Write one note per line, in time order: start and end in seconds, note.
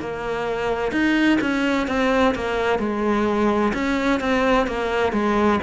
0.00 0.92 A#3
0.92 1.38 D#4
1.41 1.87 C#4
1.87 2.34 C4
2.35 2.79 A#3
2.79 3.72 G#3
3.74 4.20 C#4
4.20 4.67 C4
4.67 5.12 A#3
5.12 5.59 G#3